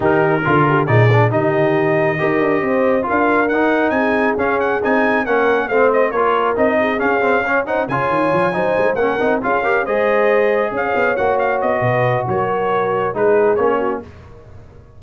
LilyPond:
<<
  \new Staff \with { instrumentName = "trumpet" } { \time 4/4 \tempo 4 = 137 ais'2 d''4 dis''4~ | dis''2. f''4 | fis''4 gis''4 f''8 fis''8 gis''4 | fis''4 f''8 dis''8 cis''4 dis''4 |
f''4. fis''8 gis''2~ | gis''8 fis''4 f''4 dis''4.~ | dis''8 f''4 fis''8 f''8 dis''4. | cis''2 b'4 cis''4 | }
  \new Staff \with { instrumentName = "horn" } { \time 4/4 g'4 f'8 g'8 gis'4 g'4~ | g'4 ais'4 c''4 ais'4~ | ais'4 gis'2. | ais'4 c''4 ais'4. gis'8~ |
gis'4 cis''8 c''8 cis''4. c''8~ | c''8 ais'4 gis'8 ais'8 c''4.~ | c''8 cis''2~ cis''8 b'4 | ais'2 gis'4. fis'8 | }
  \new Staff \with { instrumentName = "trombone" } { \time 4/4 dis'4 f'4 dis'8 d'8 dis'4~ | dis'4 g'2 f'4 | dis'2 cis'4 dis'4 | cis'4 c'4 f'4 dis'4 |
cis'8 c'8 cis'8 dis'8 f'4. dis'8~ | dis'8 cis'8 dis'8 f'8 g'8 gis'4.~ | gis'4. fis'2~ fis'8~ | fis'2 dis'4 cis'4 | }
  \new Staff \with { instrumentName = "tuba" } { \time 4/4 dis4 d4 ais,4 dis4~ | dis4 dis'8 d'8 c'4 d'4 | dis'4 c'4 cis'4 c'4 | ais4 a4 ais4 c'4 |
cis'2 cis8 dis8 f8 fis8 | gis8 ais8 c'8 cis'4 gis4.~ | gis8 cis'8 b8 ais4 b8 b,4 | fis2 gis4 ais4 | }
>>